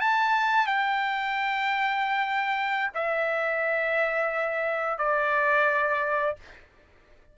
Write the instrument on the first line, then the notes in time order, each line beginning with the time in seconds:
trumpet
0.00 A5
0.66 G5
2.94 E5
4.98 D5